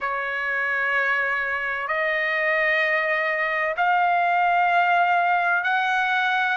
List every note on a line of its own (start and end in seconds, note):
0.00 1.87 C#5
1.87 3.75 D#5
3.77 5.63 F5
5.63 6.56 F#5